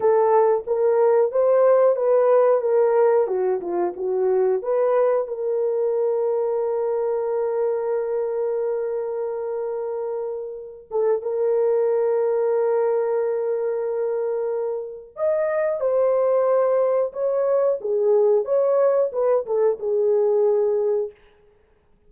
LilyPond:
\new Staff \with { instrumentName = "horn" } { \time 4/4 \tempo 4 = 91 a'4 ais'4 c''4 b'4 | ais'4 fis'8 f'8 fis'4 b'4 | ais'1~ | ais'1~ |
ais'8 a'8 ais'2.~ | ais'2. dis''4 | c''2 cis''4 gis'4 | cis''4 b'8 a'8 gis'2 | }